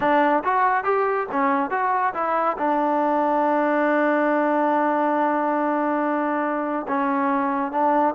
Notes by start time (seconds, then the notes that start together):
0.00 D4
0.44 F#4
0.84 G4
1.31 C#4
1.70 F#4
2.14 E4
2.58 D4
6.88 C#4
7.71 D4